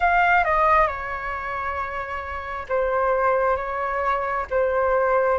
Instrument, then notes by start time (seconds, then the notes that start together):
flute
0.00 F5
0.44 D#5
0.87 C#5
2.68 C5
3.56 C#5
4.50 C5